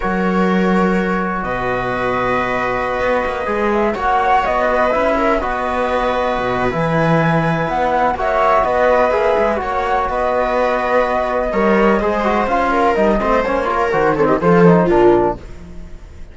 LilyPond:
<<
  \new Staff \with { instrumentName = "flute" } { \time 4/4 \tempo 4 = 125 cis''2. dis''4~ | dis''2.~ dis''8. e''16~ | e''16 fis''4 dis''4 e''4 dis''8.~ | dis''2 gis''2 |
fis''4 e''4 dis''4 e''4 | fis''4 dis''2.~ | dis''2 f''4 dis''4 | cis''4 c''8 cis''16 dis''16 c''4 ais'4 | }
  \new Staff \with { instrumentName = "viola" } { \time 4/4 ais'2. b'4~ | b'1~ | b'16 cis''4. b'4 ais'8 b'8.~ | b'1~ |
b'4 cis''4 b'2 | cis''4 b'2. | cis''4 c''4. ais'4 c''8~ | c''8 ais'4 a'16 g'16 a'4 f'4 | }
  \new Staff \with { instrumentName = "trombone" } { \time 4/4 fis'1~ | fis'2.~ fis'16 gis'8.~ | gis'16 fis'2 e'4 fis'8.~ | fis'2 e'2~ |
e'4 fis'2 gis'4 | fis'1 | ais'4 gis'8 fis'8 f'4 dis'8 c'8 | cis'8 f'8 fis'8 c'8 f'8 dis'8 d'4 | }
  \new Staff \with { instrumentName = "cello" } { \time 4/4 fis2. b,4~ | b,2~ b,16 b8 ais8 gis8.~ | gis16 ais4 b4 cis'4 b8.~ | b4~ b16 b,8. e2 |
b4 ais4 b4 ais8 gis8 | ais4 b2. | g4 gis4 cis'4 g8 a8 | ais4 dis4 f4 ais,4 | }
>>